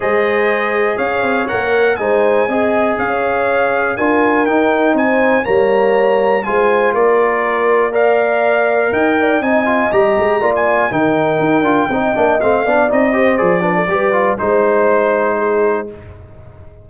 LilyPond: <<
  \new Staff \with { instrumentName = "trumpet" } { \time 4/4 \tempo 4 = 121 dis''2 f''4 fis''4 | gis''2 f''2 | gis''4 g''4 gis''4 ais''4~ | ais''4 gis''4 d''2 |
f''2 g''4 gis''4 | ais''4~ ais''16 gis''8. g''2~ | g''4 f''4 dis''4 d''4~ | d''4 c''2. | }
  \new Staff \with { instrumentName = "horn" } { \time 4/4 c''2 cis''2 | c''4 dis''4 cis''2 | ais'2 c''4 cis''4~ | cis''4 c''4 ais'2 |
d''2 dis''8 d''8 dis''4~ | dis''4 d''4 ais'2 | dis''4. d''4 c''4 b'16 a'16 | b'4 c''2 gis'4 | }
  \new Staff \with { instrumentName = "trombone" } { \time 4/4 gis'2. ais'4 | dis'4 gis'2. | f'4 dis'2 ais4~ | ais4 f'2. |
ais'2. dis'8 f'8 | g'4 f'4 dis'4. f'8 | dis'8 d'8 c'8 d'8 dis'8 g'8 gis'8 d'8 | g'8 f'8 dis'2. | }
  \new Staff \with { instrumentName = "tuba" } { \time 4/4 gis2 cis'8 c'8 ais4 | gis4 c'4 cis'2 | d'4 dis'4 c'4 g4~ | g4 gis4 ais2~ |
ais2 dis'4 c'4 | g8 gis8 ais4 dis4 dis'8 d'8 | c'8 ais8 a8 b8 c'4 f4 | g4 gis2. | }
>>